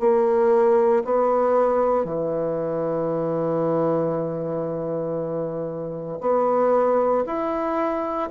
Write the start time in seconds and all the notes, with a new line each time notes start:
0.00 A#3
1.05 B3
2.05 E3
6.21 B3
7.26 E4